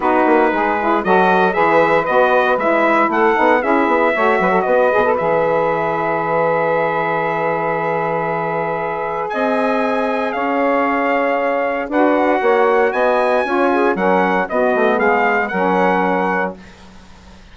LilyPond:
<<
  \new Staff \with { instrumentName = "trumpet" } { \time 4/4 \tempo 4 = 116 b'2 dis''4 e''4 | dis''4 e''4 fis''4 e''4~ | e''4 dis''4 e''2~ | e''1~ |
e''2 gis''2 | f''2. fis''4~ | fis''4 gis''2 fis''4 | dis''4 f''4 fis''2 | }
  \new Staff \with { instrumentName = "saxophone" } { \time 4/4 fis'4 gis'4 a'4 b'4~ | b'2 a'4 gis'4 | cis''8 b'16 a'16 b'2.~ | b'1~ |
b'2 dis''2 | cis''2. b'4 | cis''4 dis''4 cis''8 gis'8 ais'4 | fis'4 gis'4 ais'2 | }
  \new Staff \with { instrumentName = "saxophone" } { \time 4/4 dis'4. e'8 fis'4 gis'4 | fis'4 e'4. dis'8 e'4 | fis'4. gis'16 a'16 gis'2~ | gis'1~ |
gis'1~ | gis'2. fis'4~ | fis'2 f'4 cis'4 | b2 cis'2 | }
  \new Staff \with { instrumentName = "bassoon" } { \time 4/4 b8 ais8 gis4 fis4 e4 | b4 gis4 a8 b8 cis'8 b8 | a8 fis8 b8 b,8 e2~ | e1~ |
e2 c'2 | cis'2. d'4 | ais4 b4 cis'4 fis4 | b8 a8 gis4 fis2 | }
>>